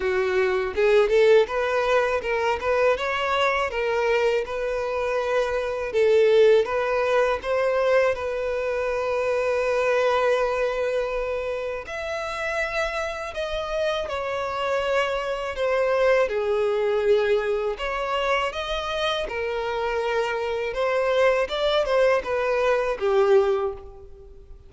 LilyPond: \new Staff \with { instrumentName = "violin" } { \time 4/4 \tempo 4 = 81 fis'4 gis'8 a'8 b'4 ais'8 b'8 | cis''4 ais'4 b'2 | a'4 b'4 c''4 b'4~ | b'1 |
e''2 dis''4 cis''4~ | cis''4 c''4 gis'2 | cis''4 dis''4 ais'2 | c''4 d''8 c''8 b'4 g'4 | }